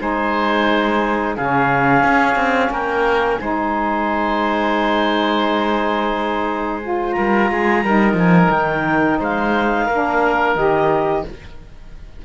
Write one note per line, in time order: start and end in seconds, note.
0.00 1.37 G#3
0.00 1.36 D#4
0.00 1.36 C5
0.00 1.37 G#5
1.36 2.03 C#3
1.36 3.41 C#4
1.36 2.72 G#4
1.36 2.73 F5
2.03 2.36 C#4
2.36 2.70 C4
2.70 3.39 A#3
2.70 3.40 A#4
2.70 3.38 G5
3.38 7.16 G#3
3.38 6.82 D#4
3.38 7.16 C5
3.38 7.12 G#5
6.82 7.84 F4
7.12 7.51 A#4
7.12 8.14 A#5
7.18 7.50 G3
7.50 7.84 G#3
7.50 7.85 G#4
7.84 8.14 G3
7.84 9.90 D#4
7.84 9.19 A#4
8.14 8.48 F3
8.14 8.51 G#5
8.51 9.19 D#3
8.51 9.19 G5
9.19 9.88 G#3
9.19 9.86 C5
9.19 10.56 F5
9.86 10.56 A#3
9.86 10.57 D4
9.86 11.22 A#4
10.56 11.24 D#3
10.56 11.25 G4
10.56 11.24 D#5